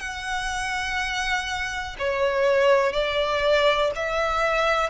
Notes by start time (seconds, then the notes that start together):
0.00 F#5
1.99 C#5
2.93 D5
3.96 E5